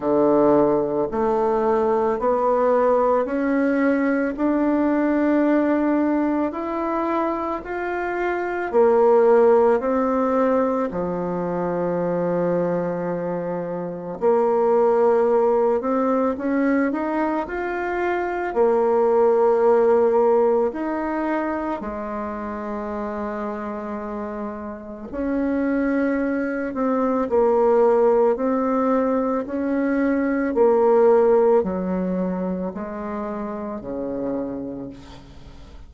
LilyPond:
\new Staff \with { instrumentName = "bassoon" } { \time 4/4 \tempo 4 = 55 d4 a4 b4 cis'4 | d'2 e'4 f'4 | ais4 c'4 f2~ | f4 ais4. c'8 cis'8 dis'8 |
f'4 ais2 dis'4 | gis2. cis'4~ | cis'8 c'8 ais4 c'4 cis'4 | ais4 fis4 gis4 cis4 | }